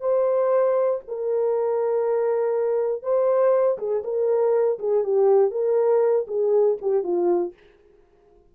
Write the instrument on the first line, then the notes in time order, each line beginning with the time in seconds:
horn
0.00 C5
1.07 A#4
3.02 C5
3.78 G#4
4.03 A#4
4.78 G#4
5.03 G4
5.51 A#4
6.27 G#4
6.81 G4
7.03 F4